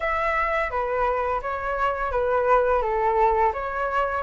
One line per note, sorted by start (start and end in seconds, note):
0.00 0.70 E5
0.70 1.41 B4
1.41 2.11 C#5
2.11 2.81 B4
2.81 3.52 A4
3.53 4.23 C#5